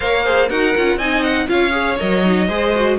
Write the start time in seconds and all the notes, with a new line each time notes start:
0.00 A#3 A#4 C#5 F5
0.24 G#4 C5
0.49 D#4 F#4 A#4 F#5
0.76 C#4 F4
0.97 C4 D#4 D#5 G#5
1.22 F#5
1.47 C#4 F4 C#5 F5
1.71 G#4
1.98 F#3 A#4 D#5
2.24 D#4
2.48 G#3 G#4 C5
2.75 F#4